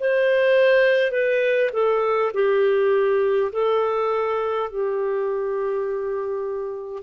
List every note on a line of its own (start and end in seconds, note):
0.00 1.11 C5
1.11 1.70 B4
1.73 2.32 A4
2.34 3.51 G4
3.52 4.70 A4
4.70 7.03 G4